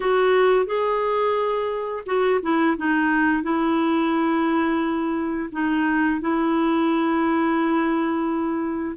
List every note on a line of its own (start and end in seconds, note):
0.00 0.66 F#4
0.66 2.03 G#4
2.06 2.40 F#4
2.42 2.76 E4
2.77 3.42 D#4
3.42 5.49 E4
5.52 6.20 D#4
6.20 8.96 E4